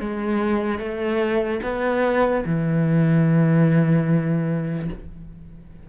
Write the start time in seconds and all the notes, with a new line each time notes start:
0.00 G#3
0.79 A3
1.63 B3
2.45 E3